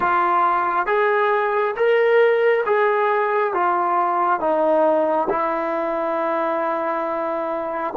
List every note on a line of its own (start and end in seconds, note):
0.00 0.86 F4
0.86 1.74 G#4
1.76 2.64 A#4
2.66 3.53 G#4
3.53 4.40 F4
4.40 5.28 D#4
5.29 7.94 E4